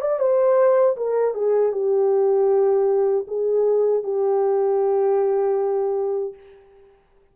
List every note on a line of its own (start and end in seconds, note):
0.00 0.19 D5
0.19 0.96 C5
0.96 1.34 A#4
1.34 1.72 G#4
1.72 3.26 G4
3.27 4.03 G#4
4.03 6.34 G4